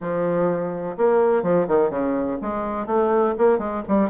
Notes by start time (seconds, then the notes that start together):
0.00 F3
0.97 A#3
1.42 F3
1.67 D#3
1.90 C#3
2.41 G#3
2.86 A3
3.38 A#3
3.58 G#3
3.87 G3